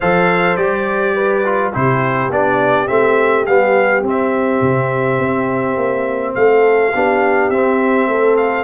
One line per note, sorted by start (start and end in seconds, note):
0.00 0.56 F3
0.00 0.58 A4
0.00 1.15 C5
0.00 0.56 F5
0.56 1.72 G3
0.56 1.44 G4
0.56 1.72 D5
1.15 1.72 B4
1.44 1.72 F4
1.72 2.29 C3
1.72 2.30 E4
1.72 6.34 G4
1.72 2.31 C5
2.29 2.87 B3
2.29 2.87 D4
2.29 2.87 D5
2.87 3.47 A3
2.87 3.45 C4
2.87 3.45 E5
3.45 4.02 G3
3.45 4.03 B3
3.45 4.03 F5
4.02 4.60 C4
4.02 6.92 C4
4.09 6.34 E5
4.61 5.18 C3
5.19 5.76 C4
5.76 6.34 A#3
6.34 6.93 A3
6.34 6.94 A4
6.34 7.50 F5
6.94 7.50 B3
6.94 7.52 D4
6.94 8.09 G4
7.50 8.07 C4
7.50 8.64 C4
7.50 8.36 E5
8.07 8.64 A3
8.07 8.64 A4
8.36 8.64 F5